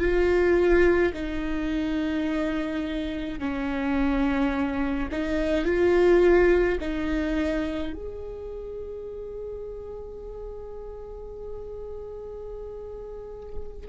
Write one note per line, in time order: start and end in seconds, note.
0.00 1.13 F4
1.14 3.40 D#4
3.40 5.09 C#4
5.12 5.66 D#4
5.66 6.79 F4
6.81 7.93 D#4
7.93 13.88 G#4